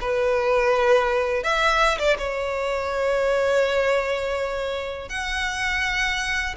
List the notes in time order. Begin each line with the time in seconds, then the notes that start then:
0.00 B4
1.43 E5
1.98 D5
2.18 C#5
5.09 F#5